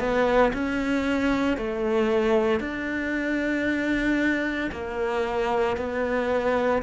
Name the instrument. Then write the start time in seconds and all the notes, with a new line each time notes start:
cello
0.00 B3
0.54 C#4
1.58 A3
2.60 D4
4.72 A#3
5.77 B3